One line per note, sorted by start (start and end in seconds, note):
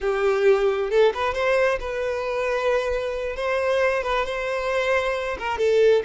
0.01 0.90 G4
0.90 1.12 A4
1.14 1.34 B4
1.34 1.78 C5
1.80 3.36 B4
3.36 4.03 C5
4.03 4.25 B4
4.25 5.37 C5
5.39 5.57 A#4
5.57 6.02 A4